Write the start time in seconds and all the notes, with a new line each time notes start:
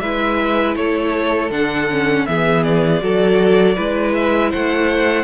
0.00 G#3 E4 B4 E5
0.76 A3 A4 C#5
1.51 D3 D4 F#5
1.91 C#4
2.26 E3 B3 G#4 E5
2.63 D5
3.00 F#3 F#4 A4
3.76 G#3 E4 B4
4.14 E5
4.51 A3 C5 F#5